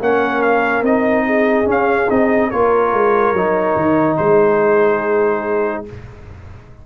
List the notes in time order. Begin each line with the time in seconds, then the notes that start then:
0.00 A#3 C#4 A#4 F#5
0.42 F5
0.82 C4 D#4 D#5
1.26 G#4
1.64 C#4
1.71 F5
2.10 C4 D#4 D#5
2.50 A#3 F4 A#4 C#5
2.93 G#3
3.33 F#3 D#4
3.76 D#3
4.17 G#3 G#4 C5